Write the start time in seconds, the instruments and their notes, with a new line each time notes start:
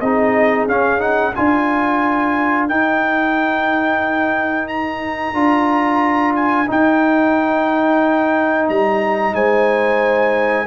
0.00 tuba C4, trombone D#4, horn G#4, trumpet D#5
0.67 tuba C#4, trombone C#4, trumpet F5
0.99 trombone D#4, trumpet F#5
1.34 tuba D4, trombone F4, horn A#4, trumpet G#5
2.68 trombone D#4, tuba D#4, trumpet G5
4.68 trumpet A#5
5.34 tuba D4, trombone F4
6.35 trumpet G#5
6.66 trombone D#4, tuba D#4, trumpet G5
8.69 tuba G3, trumpet A#5
9.33 tuba G#3, horn C5, trumpet G#5